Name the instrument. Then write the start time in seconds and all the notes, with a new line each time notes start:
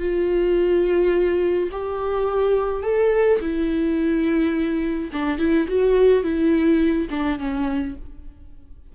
viola
0.00 F4
1.72 G4
2.83 A4
3.41 E4
5.13 D4
5.39 E4
5.68 F#4
6.23 E4
7.11 D4
7.39 C#4